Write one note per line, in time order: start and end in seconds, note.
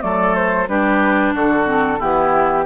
0.00 0.68 F#3
0.00 0.66 A3
0.00 0.69 A4
0.00 0.34 D5
0.34 0.67 C5
0.68 1.34 G3
0.68 1.65 D4
0.68 1.34 G4
0.68 1.34 B4
1.34 1.99 D3
1.34 1.99 F#4
1.34 2.01 A4
1.65 1.98 C4
1.99 2.65 E3
1.99 2.65 B3
1.99 2.65 E4
1.99 2.65 G4